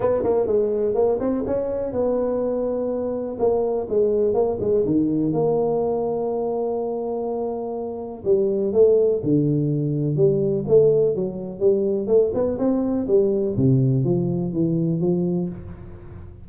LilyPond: \new Staff \with { instrumentName = "tuba" } { \time 4/4 \tempo 4 = 124 b8 ais8 gis4 ais8 c'8 cis'4 | b2. ais4 | gis4 ais8 gis8 dis4 ais4~ | ais1~ |
ais4 g4 a4 d4~ | d4 g4 a4 fis4 | g4 a8 b8 c'4 g4 | c4 f4 e4 f4 | }